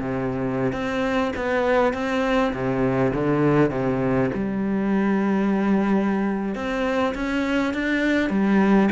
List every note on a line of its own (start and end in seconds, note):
0.00 0.73 C3
0.73 1.32 C4
1.36 1.93 B3
1.93 2.53 C4
2.53 3.12 C3
3.14 3.71 D3
3.71 4.30 C3
4.34 6.55 G3
6.55 7.14 C4
7.14 7.74 C#4
7.74 8.30 D4
8.30 8.89 G3